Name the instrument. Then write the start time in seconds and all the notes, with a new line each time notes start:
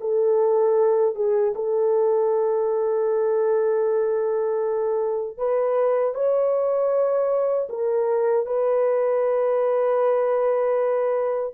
horn
0.00 A4
1.15 G#4
1.55 A4
5.37 B4
6.14 C#5
7.69 A#4
8.46 B4